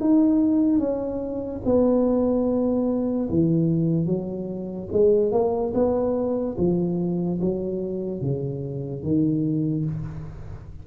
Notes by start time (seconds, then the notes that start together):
0.00 D#4
0.79 C#4
1.65 B3
3.30 E3
4.06 F#3
4.92 G#3
5.32 A#3
5.74 B3
6.58 F3
7.41 F#3
8.21 C#3
9.03 D#3